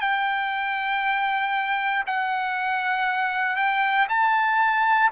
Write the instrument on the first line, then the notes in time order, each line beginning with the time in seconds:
trumpet
0.00 G5
2.06 F#5
3.56 G5
4.09 A5